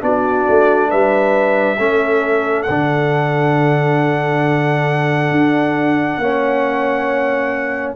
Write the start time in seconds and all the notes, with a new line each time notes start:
0.00 B3 D4 F#4 D5
0.48 A3
0.89 G3 B4 E5
1.78 A3 C#4 A4
2.62 F#5
2.69 D3 D4
5.31 D4
6.17 A#3 C#4 C#5